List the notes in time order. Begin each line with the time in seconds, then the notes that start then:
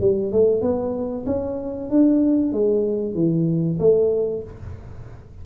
0.00 G3
0.32 A3
0.61 B3
1.26 C#4
1.90 D4
2.52 G#3
3.14 E3
3.79 A3